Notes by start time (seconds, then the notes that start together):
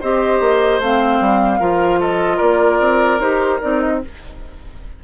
0.00 C4 G4 C5 D#5
0.40 A#3
0.79 A3 C4 F5
1.20 G3
1.59 F3 F4 A#4
1.99 A4 D#5
2.37 A#3 A#4 D5
2.79 C4
3.19 D#4 G4 C5
3.61 C4 D#4 D5
3.80 D#5